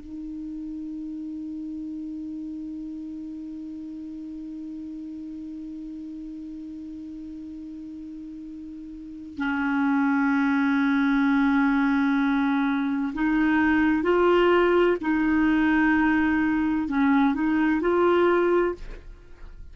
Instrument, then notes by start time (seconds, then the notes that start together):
clarinet
0.00 D#4
9.37 C#4
13.13 D#4
14.03 F4
15.01 D#4
16.88 C#4
17.34 D#4
17.80 F4